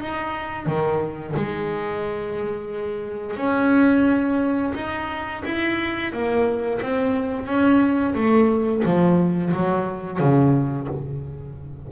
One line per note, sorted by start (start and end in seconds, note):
0.00 0.66 D#4
0.66 1.35 D#3
1.36 3.37 G#3
3.37 4.73 C#4
4.74 5.43 D#4
5.45 6.12 E4
6.12 6.81 A#3
6.81 7.46 C4
7.46 8.14 C#4
8.14 8.83 A3
8.85 9.53 F3
9.53 10.20 F#3
10.20 10.88 C#3